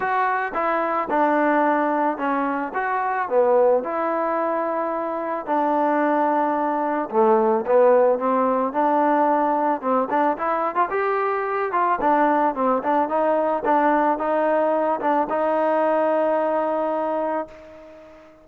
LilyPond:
\new Staff \with { instrumentName = "trombone" } { \time 4/4 \tempo 4 = 110 fis'4 e'4 d'2 | cis'4 fis'4 b4 e'4~ | e'2 d'2~ | d'4 a4 b4 c'4 |
d'2 c'8 d'8 e'8. f'16 | g'4. f'8 d'4 c'8 d'8 | dis'4 d'4 dis'4. d'8 | dis'1 | }